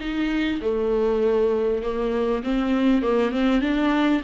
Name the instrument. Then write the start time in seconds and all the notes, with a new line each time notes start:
viola
0.00 D#4
0.61 A3
1.83 A#3
2.44 C4
3.02 A#3
3.31 C4
3.61 D4